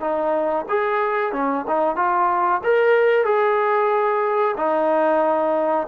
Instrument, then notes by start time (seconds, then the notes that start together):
trombone
0.00 D#4
0.69 G#4
1.33 C#4
1.67 D#4
1.96 F4
2.64 A#4
3.25 G#4
4.57 D#4